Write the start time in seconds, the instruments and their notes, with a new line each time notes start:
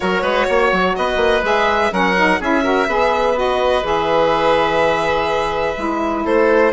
0.00 bassoon F#3, saxophone F#4, oboe A#4, violin C#5
0.22 bassoon G#3, oboe B4
0.48 bassoon A#3, oboe C#5
0.72 bassoon F#3
0.95 bassoon B3, oboe B4, violin D#5
1.16 bassoon A#3
1.43 bassoon G#3, saxophone G#4, violin E5
1.90 bassoon F#3, saxophone C#4, oboe A#4, violin F#5
2.17 saxophone D#4
2.40 bassoon C#4, saxophone E4, oboe G#4, violin E5
2.62 saxophone F#4, oboe A#4
2.87 bassoon B3, saxophone G#4, oboe B4
3.34 saxophone F#4, violin D#5
3.83 bassoon E3, saxophone G#4, violin E5
5.76 bassoon G#3, saxophone E4
6.24 bassoon A3, oboe A4, violin C5